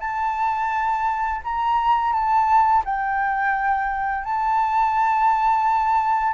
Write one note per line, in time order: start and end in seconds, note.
0.00 1.41 A5
1.44 2.13 A#5
2.13 2.84 A5
2.85 4.24 G5
4.24 6.34 A5